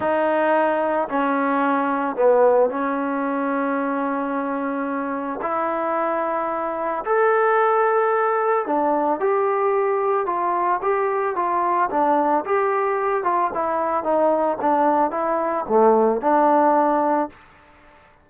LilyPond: \new Staff \with { instrumentName = "trombone" } { \time 4/4 \tempo 4 = 111 dis'2 cis'2 | b4 cis'2.~ | cis'2 e'2~ | e'4 a'2. |
d'4 g'2 f'4 | g'4 f'4 d'4 g'4~ | g'8 f'8 e'4 dis'4 d'4 | e'4 a4 d'2 | }